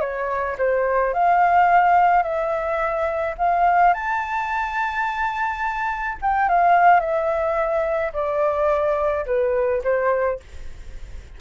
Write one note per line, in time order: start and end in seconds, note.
0.00 0.56 C#5
0.58 1.13 C5
1.13 2.23 F5
2.23 3.35 E5
3.38 3.93 F5
3.93 6.18 A5
6.21 6.49 G5
6.49 7.00 F5
7.00 8.12 E5
8.13 9.25 D5
9.26 9.82 B4
9.83 10.39 C5